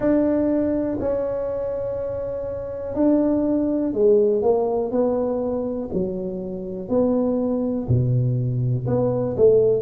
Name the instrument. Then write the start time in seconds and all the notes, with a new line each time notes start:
tuba
0.00 D4
1.00 C#4
2.95 D4
3.93 G#3
4.42 A#3
4.91 B3
5.93 F#3
6.89 B3
7.88 B2
8.86 B3
9.36 A3